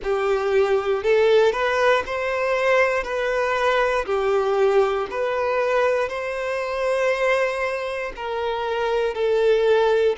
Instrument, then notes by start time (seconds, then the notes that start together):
violin
0.03 G4
1.03 A4
1.52 B4
2.06 C5
3.03 B4
4.05 G4
5.10 B4
6.08 C5
8.16 A#4
9.14 A4